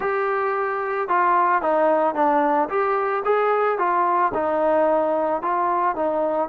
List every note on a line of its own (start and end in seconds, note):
0.00 1.08 G4
1.08 1.62 F4
1.62 2.14 D#4
2.14 2.69 D4
2.69 3.23 G4
3.24 3.78 G#4
3.78 4.32 F4
4.34 5.42 D#4
5.42 5.95 F4
5.95 6.48 D#4